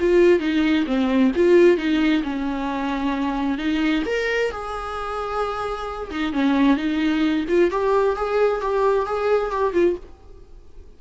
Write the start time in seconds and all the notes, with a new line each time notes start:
0.00 F4
0.40 D#4
0.86 C4
1.36 F4
1.77 D#4
2.24 C#4
3.58 D#4
4.06 A#4
4.52 G#4
6.11 D#4
6.33 C#4
6.77 D#4
7.49 F4
7.71 G4
8.16 G#4
8.61 G4
9.06 G#4
9.51 G4
9.74 F4